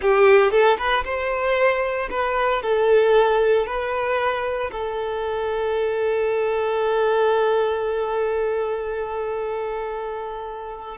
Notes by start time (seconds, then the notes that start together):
0.01 G4
0.51 A4
0.78 B4
1.04 C5
2.10 B4
2.62 A4
3.66 B4
4.71 A4